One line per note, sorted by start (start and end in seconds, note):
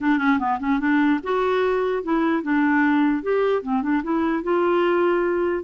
0.00 0.18 D4
0.18 0.38 C#4
0.39 0.59 B3
0.59 0.79 C#4
0.79 1.20 D4
1.23 2.03 F#4
2.03 2.43 E4
2.43 3.22 D4
3.22 3.62 G4
3.62 3.82 C4
3.82 4.02 D4
4.03 4.43 E4
4.43 5.63 F4